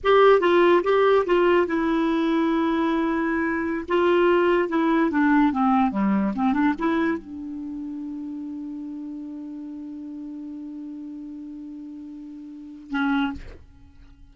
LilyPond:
\new Staff \with { instrumentName = "clarinet" } { \time 4/4 \tempo 4 = 144 g'4 f'4 g'4 f'4 | e'1~ | e'4~ e'16 f'2 e'8.~ | e'16 d'4 c'4 g4 c'8 d'16~ |
d'16 e'4 d'2~ d'8.~ | d'1~ | d'1~ | d'2. cis'4 | }